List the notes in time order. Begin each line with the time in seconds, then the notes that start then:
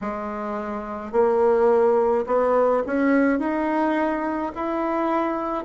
0.01 G#3
1.12 A#3
2.26 B3
2.86 C#4
3.39 D#4
4.55 E4